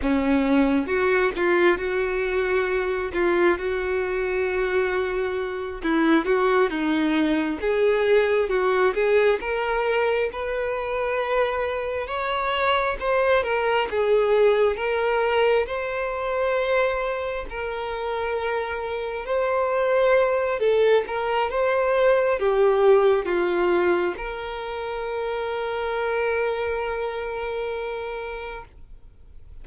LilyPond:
\new Staff \with { instrumentName = "violin" } { \time 4/4 \tempo 4 = 67 cis'4 fis'8 f'8 fis'4. f'8 | fis'2~ fis'8 e'8 fis'8 dis'8~ | dis'8 gis'4 fis'8 gis'8 ais'4 b'8~ | b'4. cis''4 c''8 ais'8 gis'8~ |
gis'8 ais'4 c''2 ais'8~ | ais'4. c''4. a'8 ais'8 | c''4 g'4 f'4 ais'4~ | ais'1 | }